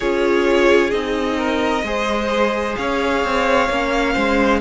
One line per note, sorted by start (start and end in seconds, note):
0.00 0.92 C#4
0.00 0.91 F4
0.00 1.37 G#4
0.00 0.90 C#5
0.90 1.83 C4
0.90 1.83 D#4
0.90 2.75 D#5
1.37 1.83 A#4
1.83 2.75 G#3
1.83 3.70 G#4
1.83 2.78 C5
2.76 3.24 C#4
2.76 4.13 C#5
2.76 4.60 F5
3.24 3.69 C4
3.69 4.15 A#3
3.69 4.60 C#4
4.13 4.60 G#3
4.13 4.59 C5